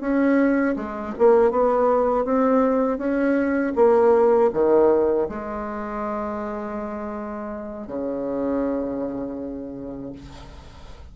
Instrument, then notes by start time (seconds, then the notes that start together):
bassoon
0.00 C#4
0.76 G#3
1.18 A#3
1.51 B3
2.25 C4
2.98 C#4
3.75 A#3
4.53 D#3
5.29 G#3
7.87 C#3